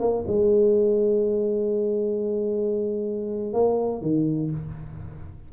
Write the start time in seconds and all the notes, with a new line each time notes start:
0.00 A#3
0.27 G#3
3.53 A#3
4.02 D#3